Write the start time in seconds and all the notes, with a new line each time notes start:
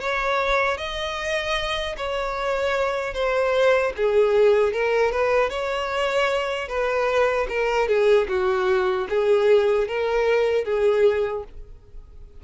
0.00 C#5
0.78 D#5
1.97 C#5
3.14 C5
3.97 G#4
4.73 A#4
5.12 B4
5.50 C#5
6.68 B4
7.49 A#4
7.88 G#4
8.28 F#4
9.09 G#4
9.88 A#4
10.65 G#4